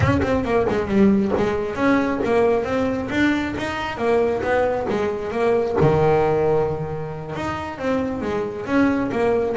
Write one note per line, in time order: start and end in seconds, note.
0.00 0.20 C#4
0.22 0.44 C4
0.44 0.66 A#3
0.69 0.87 G#3
0.87 1.32 G3
1.37 1.75 G#3
1.75 2.19 C#4
2.24 2.64 A#3
2.64 3.08 C4
3.10 3.54 D4
3.57 3.97 D#4
3.97 4.41 A#3
4.42 4.86 B3
4.89 5.31 G#3
5.31 5.76 A#3
5.80 7.35 D#3
7.35 7.78 D#4
7.78 8.21 C4
8.21 8.65 G#3
8.65 9.10 C#4
9.11 9.56 A#3